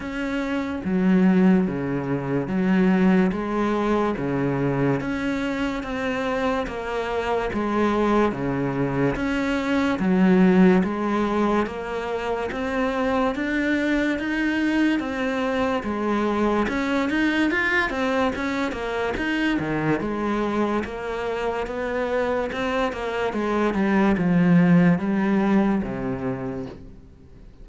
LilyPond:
\new Staff \with { instrumentName = "cello" } { \time 4/4 \tempo 4 = 72 cis'4 fis4 cis4 fis4 | gis4 cis4 cis'4 c'4 | ais4 gis4 cis4 cis'4 | fis4 gis4 ais4 c'4 |
d'4 dis'4 c'4 gis4 | cis'8 dis'8 f'8 c'8 cis'8 ais8 dis'8 dis8 | gis4 ais4 b4 c'8 ais8 | gis8 g8 f4 g4 c4 | }